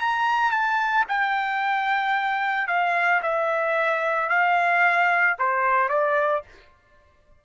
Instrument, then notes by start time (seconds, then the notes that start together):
trumpet
0.00 A#5
0.52 A5
1.09 G5
2.68 F5
3.23 E5
4.30 F5
5.39 C5
5.89 D5